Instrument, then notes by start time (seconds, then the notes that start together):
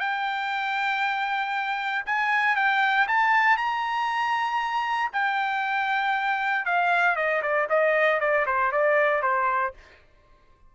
trumpet
0.00 G5
2.06 G#5
2.56 G5
3.08 A5
3.57 A#5
5.13 G5
6.65 F5
7.16 D#5
7.42 D5
7.69 D#5
8.20 D5
8.46 C5
8.72 D5
9.22 C5